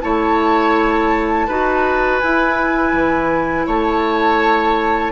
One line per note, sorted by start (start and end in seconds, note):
0.00 1.48 A3
0.00 1.48 E4
0.00 1.47 C#5
0.00 2.19 A5
1.47 2.21 D#4
1.47 2.21 F#4
1.47 3.66 B4
2.19 2.92 E4
2.19 5.12 E4
2.19 3.65 G#5
2.92 3.65 E3
3.66 5.12 A3
3.66 5.12 C#5
3.66 5.12 A5